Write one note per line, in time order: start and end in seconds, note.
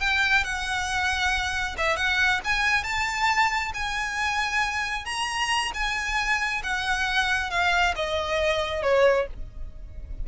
0.00 0.44 G5
0.44 1.76 F#5
1.77 1.96 E5
1.96 2.40 F#5
2.44 2.84 G#5
2.84 3.72 A5
3.74 5.05 G#5
5.05 5.71 A#5
5.74 6.62 G#5
6.63 7.50 F#5
7.50 7.94 F5
7.95 8.82 D#5
8.82 9.26 C#5